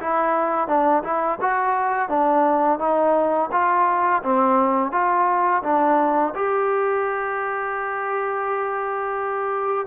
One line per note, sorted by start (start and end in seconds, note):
0.00 0.68 E4
0.68 1.03 D4
1.03 1.39 E4
1.41 2.09 F#4
2.09 2.79 D4
2.79 3.50 D#4
3.52 4.22 F4
4.23 4.92 C4
4.92 5.62 F4
5.63 6.34 D4
6.35 9.87 G4